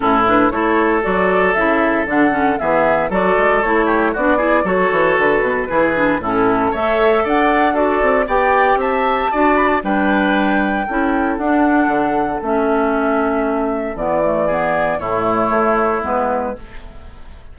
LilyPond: <<
  \new Staff \with { instrumentName = "flute" } { \time 4/4 \tempo 4 = 116 a'8 b'8 cis''4 d''4 e''4 | fis''4 e''4 d''4 cis''4 | d''4 cis''4 b'2 | a'4 e''4 fis''4 d''4 |
g''4 a''4. b''16 a''16 g''4~ | g''2 fis''2 | e''2. d''4~ | d''4 cis''2 b'4 | }
  \new Staff \with { instrumentName = "oboe" } { \time 4/4 e'4 a'2.~ | a'4 gis'4 a'4. g'8 | fis'8 gis'8 a'2 gis'4 | e'4 cis''4 d''4 a'4 |
d''4 e''4 d''4 b'4~ | b'4 a'2.~ | a'1 | gis'4 e'2. | }
  \new Staff \with { instrumentName = "clarinet" } { \time 4/4 cis'8 d'8 e'4 fis'4 e'4 | d'8 cis'8 b4 fis'4 e'4 | d'8 e'8 fis'2 e'8 d'8 | cis'4 a'2 fis'4 |
g'2 fis'4 d'4~ | d'4 e'4 d'2 | cis'2. b8 a8 | b4 a2 b4 | }
  \new Staff \with { instrumentName = "bassoon" } { \time 4/4 a,4 a4 fis4 cis4 | d4 e4 fis8 gis8 a4 | b4 fis8 e8 d8 b,8 e4 | a,4 a4 d'4. c'8 |
b4 c'4 d'4 g4~ | g4 cis'4 d'4 d4 | a2. e4~ | e4 a,4 a4 gis4 | }
>>